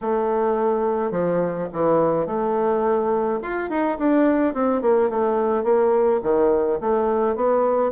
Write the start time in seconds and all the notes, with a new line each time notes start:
0.01 A3
1.11 F3
1.72 E3
2.26 A3
3.42 F4
3.69 D#4
3.98 D4
4.54 C4
4.81 A#3
5.09 A3
5.63 A#3
6.22 D#3
6.80 A3
7.35 B3